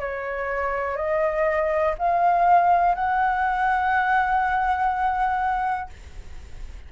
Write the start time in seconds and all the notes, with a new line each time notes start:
0.00 C#5
0.97 D#5
1.99 F5
2.95 F#5